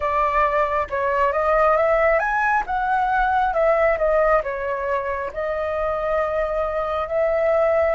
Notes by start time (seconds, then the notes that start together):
0.00 D5
0.90 C#5
1.32 D#5
1.76 E5
2.19 G#5
2.66 F#5
3.53 E5
3.97 D#5
4.43 C#5
5.33 D#5
7.08 E5